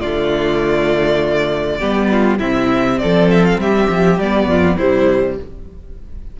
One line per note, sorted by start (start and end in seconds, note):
0.00 1.81 D3
0.00 1.80 A3
0.00 1.78 F4
0.00 2.38 D5
1.78 2.41 G3
1.78 2.39 B3
1.78 2.08 G4
2.11 2.38 F4
2.38 3.00 C3
2.38 4.19 C4
2.38 2.98 E4
2.38 2.99 E5
2.99 3.58 F3
2.99 3.61 A4
2.99 3.28 D5
3.31 3.45 E5
3.45 3.60 F5
3.58 3.87 G3
3.58 4.49 G4
3.58 4.19 E5
3.89 4.19 F3
4.19 4.46 G3
4.19 4.80 B3
4.19 4.77 D5
4.46 4.76 F2
4.46 4.76 F4
4.76 5.38 C3
4.76 5.40 G3
4.76 5.35 E4
4.76 5.37 C5